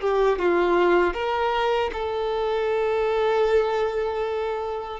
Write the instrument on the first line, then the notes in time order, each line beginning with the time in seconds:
violin
0.00 G4
0.38 F4
1.13 A#4
1.92 A4